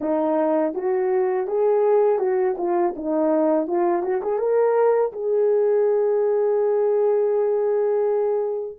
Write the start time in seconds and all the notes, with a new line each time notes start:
0.00 D#4
0.74 F#4
1.47 G#4
2.19 F#4
2.57 F4
2.95 D#4
3.67 F4
4.02 F#4
4.21 G#4
4.38 A#4
5.12 G#4